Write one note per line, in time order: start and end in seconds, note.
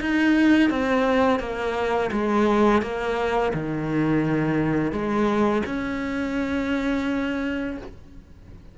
0.00 0.70 D#4
0.70 1.40 C4
1.40 2.10 A#3
2.11 2.81 G#3
2.81 3.52 A#3
3.53 4.92 D#3
4.92 5.62 G#3
5.66 7.77 C#4